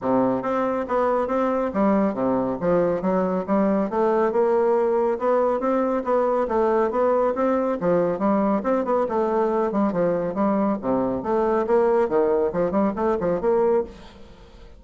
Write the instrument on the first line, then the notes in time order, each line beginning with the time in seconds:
bassoon
0.01 C3
0.42 C4
0.88 B3
1.27 C4
1.73 G3
2.14 C3
2.60 F3
3.01 F#3
3.46 G3
3.90 A3
4.32 A#3
5.18 B3
5.60 C4
6.04 B3
6.47 A3
6.91 B3
7.34 C4
7.80 F3
8.18 G3
8.63 C4
8.84 B3
9.08 A3
9.72 G3
9.92 F3
10.34 G3
10.81 C3
11.22 A3
11.67 A#3
12.08 D#3
12.53 F3
12.71 G3
12.96 A3
13.19 F3
13.40 A#3